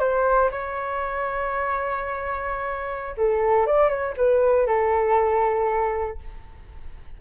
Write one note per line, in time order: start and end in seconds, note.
0.00 0.50 C5
0.52 3.16 C#5
3.18 3.67 A4
3.67 3.89 D5
3.89 4.15 C#5
4.17 4.67 B4
4.67 6.19 A4